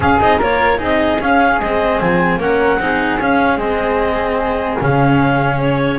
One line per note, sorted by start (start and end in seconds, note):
0.00 0.18 C#4
0.00 0.19 C#4
0.00 0.37 G#4
0.00 0.20 F5
0.19 0.41 C4
0.19 0.39 D#4
0.19 0.40 D#5
0.37 0.80 A#3
0.37 0.78 F4
0.37 0.77 A#4
0.37 0.82 C#5
0.77 1.20 C4
0.77 1.18 D#4
0.77 2.37 G#4
0.77 1.22 D#5
1.20 1.59 C#4
1.20 1.60 C#4
1.20 1.60 F5
1.59 1.99 G#3
1.59 2.39 C4
1.59 2.00 D#5
2.00 2.36 F3
2.00 2.40 G#5
2.36 2.76 A#3
2.36 2.79 C#4
2.36 2.79 A#4
2.36 3.20 F#5
2.78 3.18 C4
2.78 3.19 D#4
2.78 5.99 G#4
3.18 3.57 C#4
3.18 3.59 C#4
3.18 3.58 F5
3.57 4.77 G#3
3.57 4.79 C4
3.57 4.78 D#5
4.80 5.99 C#3
4.80 5.99 C#4
4.80 5.59 F5
5.59 5.99 C#5